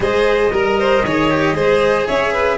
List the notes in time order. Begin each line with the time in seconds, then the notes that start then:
0.00 G#3 G#4 C5 D#5
0.51 G3 A#4
0.79 C5
1.04 D#3 G#4 C#5
1.30 G4
1.53 G#3 G#4 C5
2.06 C#4 C#5 E5
2.32 B4